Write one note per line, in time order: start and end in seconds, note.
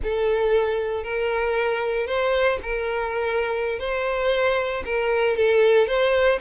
0.03 1.03 A4
1.03 2.07 A#4
2.07 2.59 C5
2.62 3.79 A#4
3.79 4.83 C5
4.85 5.36 A#4
5.36 5.87 A4
5.87 6.39 C5